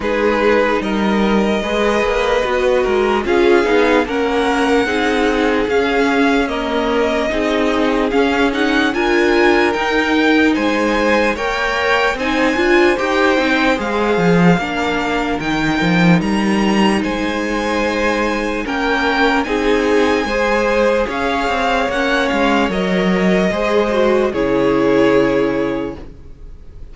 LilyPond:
<<
  \new Staff \with { instrumentName = "violin" } { \time 4/4 \tempo 4 = 74 b'4 dis''2. | f''4 fis''2 f''4 | dis''2 f''8 fis''8 gis''4 | g''4 gis''4 g''4 gis''4 |
g''4 f''2 g''4 | ais''4 gis''2 g''4 | gis''2 f''4 fis''8 f''8 | dis''2 cis''2 | }
  \new Staff \with { instrumentName = "violin" } { \time 4/4 gis'4 ais'4 b'4. ais'8 | gis'4 ais'4 gis'2 | ais'4 gis'2 ais'4~ | ais'4 c''4 cis''4 c''4~ |
c''2 ais'2~ | ais'4 c''2 ais'4 | gis'4 c''4 cis''2~ | cis''4 c''4 gis'2 | }
  \new Staff \with { instrumentName = "viola" } { \time 4/4 dis'2 gis'4 fis'4 | f'8 dis'8 cis'4 dis'4 cis'4 | ais4 dis'4 cis'8 dis'8 f'4 | dis'2 ais'4 dis'8 f'8 |
g'8 dis'8 gis'4 d'4 dis'4~ | dis'2. cis'4 | dis'4 gis'2 cis'4 | ais'4 gis'8 fis'8 e'2 | }
  \new Staff \with { instrumentName = "cello" } { \time 4/4 gis4 g4 gis8 ais8 b8 gis8 | cis'8 b8 ais4 c'4 cis'4~ | cis'4 c'4 cis'4 d'4 | dis'4 gis4 ais4 c'8 d'8 |
dis'8 c'8 gis8 f8 ais4 dis8 f8 | g4 gis2 ais4 | c'4 gis4 cis'8 c'8 ais8 gis8 | fis4 gis4 cis2 | }
>>